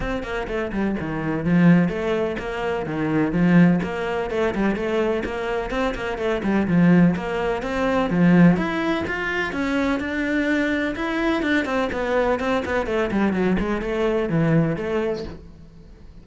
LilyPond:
\new Staff \with { instrumentName = "cello" } { \time 4/4 \tempo 4 = 126 c'8 ais8 a8 g8 dis4 f4 | a4 ais4 dis4 f4 | ais4 a8 g8 a4 ais4 | c'8 ais8 a8 g8 f4 ais4 |
c'4 f4 e'4 f'4 | cis'4 d'2 e'4 | d'8 c'8 b4 c'8 b8 a8 g8 | fis8 gis8 a4 e4 a4 | }